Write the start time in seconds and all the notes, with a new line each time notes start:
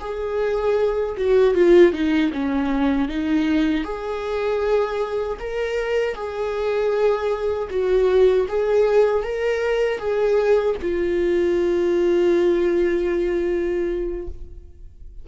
0.00 G#4
1.17 F#4
1.54 F4
1.93 D#4
2.33 C#4
3.08 D#4
3.84 G#4
5.40 A#4
6.14 G#4
7.70 F#4
8.48 G#4
9.23 A#4
9.98 G#4
10.81 F4